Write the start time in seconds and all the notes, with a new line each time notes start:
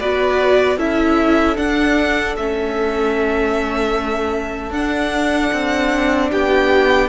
0.00 B3 F#4 B4 D5
0.77 C#4 E4 A4 E5
1.57 D4 F#5
2.37 A3 C#4 E5
4.71 D4 F#5
5.53 C4
6.32 B3 G4 G5